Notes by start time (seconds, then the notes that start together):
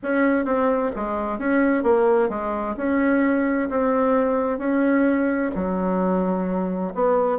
0.02 C#4
0.45 C4
0.95 G#3
1.38 C#4
1.83 A#3
2.29 G#3
2.76 C#4
3.69 C4
4.58 C#4
5.55 F#3
6.94 B3